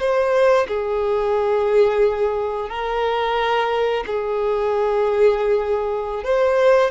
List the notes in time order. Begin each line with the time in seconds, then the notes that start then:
0.00 C5
0.68 G#4
2.70 A#4
4.07 G#4
6.25 C5